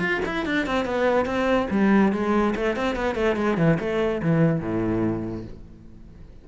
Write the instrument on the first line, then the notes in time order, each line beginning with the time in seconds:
cello
0.00 F4
0.26 E4
0.46 D4
0.67 C4
0.86 B3
1.26 C4
1.71 G3
2.13 G#3
2.56 A3
2.77 C4
2.96 B3
3.16 A3
3.37 G#3
3.58 E3
3.80 A3
4.23 E3
4.61 A2